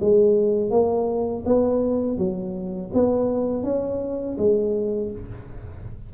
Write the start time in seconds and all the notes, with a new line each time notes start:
0.00 G#3
0.70 A#3
1.45 B3
2.17 F#3
2.93 B3
3.63 C#4
4.38 G#3